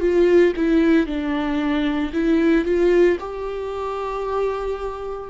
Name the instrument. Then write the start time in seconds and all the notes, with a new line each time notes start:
viola
0.00 F4
0.56 E4
1.07 D4
2.13 E4
2.65 F4
3.20 G4